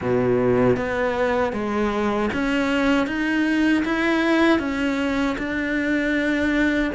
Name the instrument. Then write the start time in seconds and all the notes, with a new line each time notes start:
cello
0.01 B2
0.76 B3
1.52 G#3
2.33 C#4
3.06 D#4
3.85 E4
4.59 C#4
5.37 D4